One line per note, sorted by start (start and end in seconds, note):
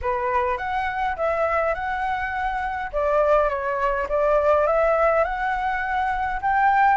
0.01 0.57 B4
0.57 1.15 F#5
1.16 1.74 E5
1.74 2.90 F#5
2.92 3.49 D5
3.49 4.07 C#5
4.08 4.66 D5
4.66 5.23 E5
5.23 6.40 F#5
6.41 6.97 G5